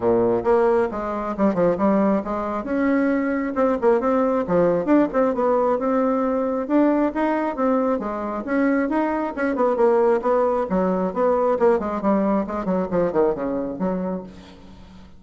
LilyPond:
\new Staff \with { instrumentName = "bassoon" } { \time 4/4 \tempo 4 = 135 ais,4 ais4 gis4 g8 f8 | g4 gis4 cis'2 | c'8 ais8 c'4 f4 d'8 c'8 | b4 c'2 d'4 |
dis'4 c'4 gis4 cis'4 | dis'4 cis'8 b8 ais4 b4 | fis4 b4 ais8 gis8 g4 | gis8 fis8 f8 dis8 cis4 fis4 | }